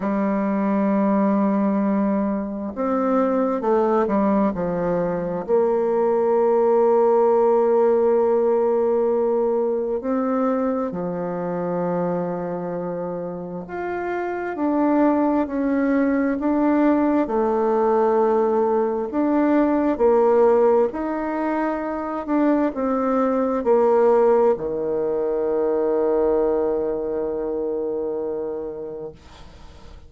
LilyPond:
\new Staff \with { instrumentName = "bassoon" } { \time 4/4 \tempo 4 = 66 g2. c'4 | a8 g8 f4 ais2~ | ais2. c'4 | f2. f'4 |
d'4 cis'4 d'4 a4~ | a4 d'4 ais4 dis'4~ | dis'8 d'8 c'4 ais4 dis4~ | dis1 | }